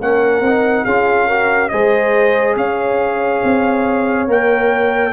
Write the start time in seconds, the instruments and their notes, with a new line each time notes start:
0.00 tuba A#3, trombone C#4, horn A#4, trumpet F#5
0.40 tuba C4, trombone D#4
0.84 tuba C#4, trombone F4, horn G#4, trumpet F5
1.26 trombone F#4, horn A#4
1.69 tuba G#3, trombone G#4, horn C5, trumpet D#5
2.56 tuba C#4, horn C#5, trumpet F5
3.43 tuba C4
4.27 tuba A#3, trombone A#4, trumpet G5